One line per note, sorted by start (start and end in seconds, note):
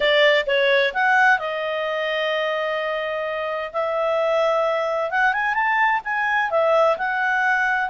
0.00 0.45 D5
0.46 0.93 C#5
0.93 1.38 F#5
1.38 3.71 D#5
3.72 5.10 E5
5.10 5.33 F#5
5.33 5.54 G#5
5.54 6.00 A5
6.04 6.50 G#5
6.50 6.97 E5
6.97 7.89 F#5